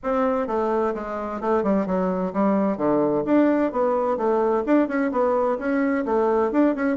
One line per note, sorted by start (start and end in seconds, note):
0.03 0.47 C4
0.47 0.93 A3
0.94 1.40 G#3
1.40 1.63 A3
1.63 1.86 G3
1.86 2.33 F#3
2.33 2.77 G3
2.77 3.23 D3
3.25 3.71 D4
3.72 4.17 B3
4.17 4.63 A3
4.66 4.88 D4
4.88 5.11 C#4
5.11 5.58 B3
5.58 6.04 C#4
6.05 6.51 A3
6.51 6.75 D4
6.75 6.96 C#4